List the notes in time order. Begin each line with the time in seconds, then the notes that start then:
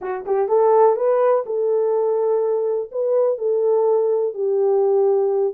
0.01 F#4
0.25 G4
0.48 A4
0.96 B4
1.46 A4
2.91 B4
3.38 A4
4.34 G4